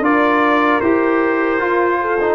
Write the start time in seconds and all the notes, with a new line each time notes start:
0.00 D4 F4 A#4 D5
0.81 E4 G4 C5
1.59 F4
2.01 A4
2.21 D#4